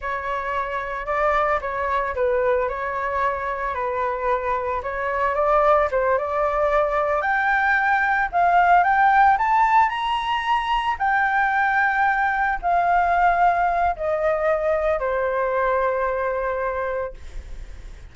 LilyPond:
\new Staff \with { instrumentName = "flute" } { \time 4/4 \tempo 4 = 112 cis''2 d''4 cis''4 | b'4 cis''2 b'4~ | b'4 cis''4 d''4 c''8 d''8~ | d''4. g''2 f''8~ |
f''8 g''4 a''4 ais''4.~ | ais''8 g''2. f''8~ | f''2 dis''2 | c''1 | }